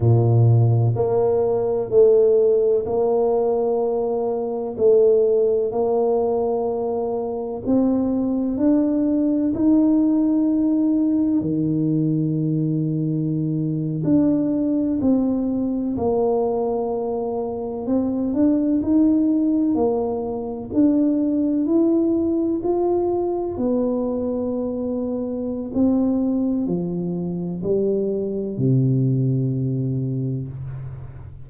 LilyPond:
\new Staff \with { instrumentName = "tuba" } { \time 4/4 \tempo 4 = 63 ais,4 ais4 a4 ais4~ | ais4 a4 ais2 | c'4 d'4 dis'2 | dis2~ dis8. d'4 c'16~ |
c'8. ais2 c'8 d'8 dis'16~ | dis'8. ais4 d'4 e'4 f'16~ | f'8. b2~ b16 c'4 | f4 g4 c2 | }